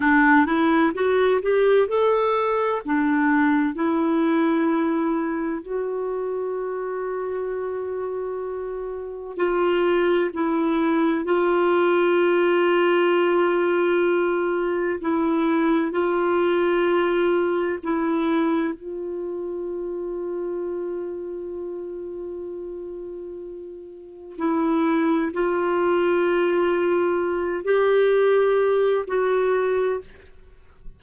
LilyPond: \new Staff \with { instrumentName = "clarinet" } { \time 4/4 \tempo 4 = 64 d'8 e'8 fis'8 g'8 a'4 d'4 | e'2 fis'2~ | fis'2 f'4 e'4 | f'1 |
e'4 f'2 e'4 | f'1~ | f'2 e'4 f'4~ | f'4. g'4. fis'4 | }